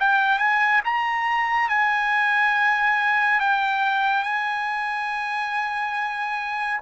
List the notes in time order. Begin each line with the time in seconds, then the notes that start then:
0.00 G5
0.39 G#5
0.85 A#5
1.69 G#5
3.41 G5
4.23 G#5